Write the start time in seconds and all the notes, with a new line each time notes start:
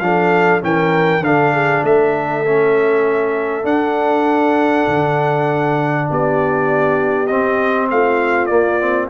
0.00 F3 D4 A4 F5
0.61 E3 C#4 A#4 G5
1.20 D3 D4 F5
1.26 A4
1.53 G#4
1.83 A3 A4 E5
2.45 C#4
3.62 D4 F#5
4.87 D3
6.10 B3 G4 D5
7.27 C4 D#5
7.90 A3 F4 F5
8.46 A#3 D5
8.80 C4